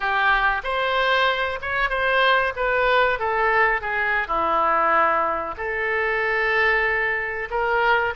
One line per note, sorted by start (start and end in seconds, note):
0.00 0.62 G4
0.63 1.59 C5
1.61 1.89 C#5
1.89 2.53 C5
2.56 3.19 B4
3.19 3.81 A4
3.81 4.27 G#4
4.27 5.55 E4
5.57 7.49 A4
7.50 8.14 A#4